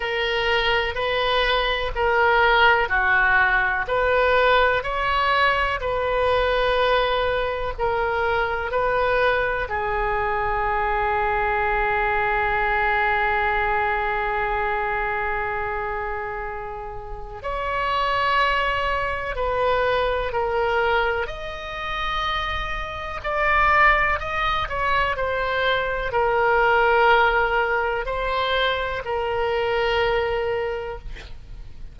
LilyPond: \new Staff \with { instrumentName = "oboe" } { \time 4/4 \tempo 4 = 62 ais'4 b'4 ais'4 fis'4 | b'4 cis''4 b'2 | ais'4 b'4 gis'2~ | gis'1~ |
gis'2 cis''2 | b'4 ais'4 dis''2 | d''4 dis''8 cis''8 c''4 ais'4~ | ais'4 c''4 ais'2 | }